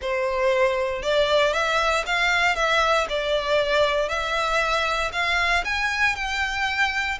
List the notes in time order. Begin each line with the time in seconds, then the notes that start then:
0.01 C5
1.02 D5
1.53 E5
2.06 F5
2.55 E5
3.09 D5
4.08 E5
5.12 F5
5.64 G#5
6.15 G5